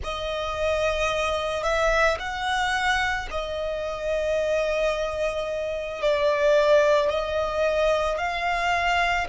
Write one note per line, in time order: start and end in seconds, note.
0.03 1.63 D#5
1.63 2.17 E5
2.19 3.28 F#5
3.30 6.01 D#5
6.01 7.10 D5
7.10 8.18 D#5
8.18 9.27 F5